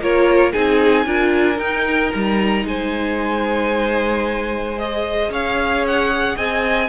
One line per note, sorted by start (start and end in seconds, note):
0.00 0.53 A#3
0.00 0.54 F4
0.00 0.53 A#4
0.00 0.53 C#5
0.53 1.06 C4
0.53 1.07 D#4
0.53 1.06 G#4
0.53 1.59 G#5
1.06 1.59 D4
1.06 1.56 F4
1.06 2.66 A#4
1.56 4.75 D#4
1.56 2.12 D#4
1.56 2.12 G5
2.13 2.64 G3
2.13 2.66 A#5
2.64 5.29 G#3
2.64 5.32 C5
2.64 4.79 G#5
4.79 6.89 G#4
4.79 5.32 D#5
5.29 6.36 C#4
5.29 6.36 C#5
5.29 5.87 F5
5.87 6.37 F#5
6.36 6.89 C4
6.36 6.89 D#5
6.36 6.89 G#5